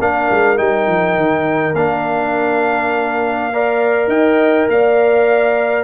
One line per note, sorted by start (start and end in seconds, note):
0.00 0.29 A#3
0.00 0.57 D4
0.00 3.53 A#4
0.00 0.58 F5
0.31 0.60 G#3
0.57 0.88 G3
0.57 1.75 D#4
0.57 1.75 G5
0.88 1.17 F3
1.17 1.74 D#3
1.74 4.08 A#3
1.74 3.53 D4
1.74 4.10 F5
3.53 5.85 A#4
3.53 4.11 D5
4.08 4.67 D#4
4.08 4.70 D#5
4.08 4.69 G5
4.69 5.85 A#3
4.69 5.85 D5
4.69 5.85 F5